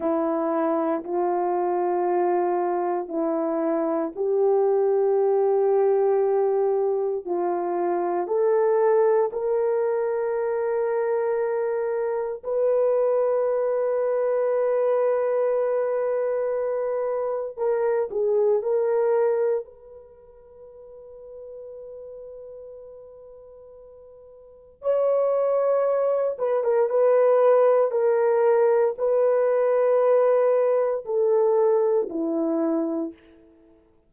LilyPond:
\new Staff \with { instrumentName = "horn" } { \time 4/4 \tempo 4 = 58 e'4 f'2 e'4 | g'2. f'4 | a'4 ais'2. | b'1~ |
b'4 ais'8 gis'8 ais'4 b'4~ | b'1 | cis''4. b'16 ais'16 b'4 ais'4 | b'2 a'4 e'4 | }